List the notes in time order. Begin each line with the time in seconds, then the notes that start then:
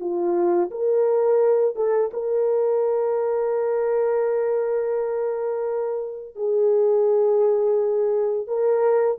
0.00 F4
0.71 A#4
1.76 A4
2.13 A#4
6.36 G#4
8.48 A#4